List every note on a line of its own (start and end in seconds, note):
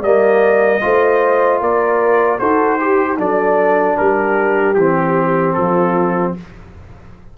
0.00 0.81 G3
0.00 0.81 A#3
0.00 0.79 D5
0.00 1.60 D#5
0.81 1.61 A3
0.81 2.39 F4
0.81 1.61 C5
1.61 2.39 A#3
1.61 2.40 A#4
1.61 2.39 D5
2.39 3.18 D#4
2.39 2.80 F#4
2.39 2.78 A4
2.39 3.18 C5
2.78 3.17 G4
3.17 3.97 F#3
3.17 4.75 D4
3.17 3.97 A4
3.17 3.97 D5
3.97 4.76 G3
3.97 5.56 G4
3.97 4.74 A#4
4.74 5.55 E3
4.74 6.37 C4
4.74 5.53 G4
5.53 6.36 F3
5.53 6.35 F4
5.53 6.32 A4